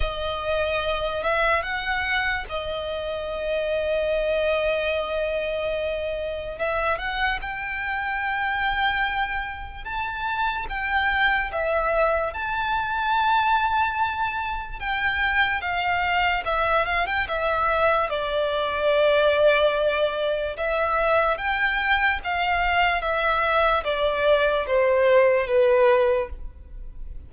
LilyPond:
\new Staff \with { instrumentName = "violin" } { \time 4/4 \tempo 4 = 73 dis''4. e''8 fis''4 dis''4~ | dis''1 | e''8 fis''8 g''2. | a''4 g''4 e''4 a''4~ |
a''2 g''4 f''4 | e''8 f''16 g''16 e''4 d''2~ | d''4 e''4 g''4 f''4 | e''4 d''4 c''4 b'4 | }